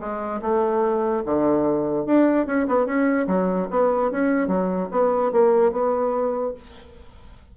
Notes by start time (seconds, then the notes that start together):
0.00 G#3
0.41 A3
1.25 D3
2.06 D4
2.46 C#4
2.67 B3
2.86 C#4
3.27 F#3
3.70 B3
4.11 C#4
4.47 F#3
4.91 B3
5.32 A#3
5.72 B3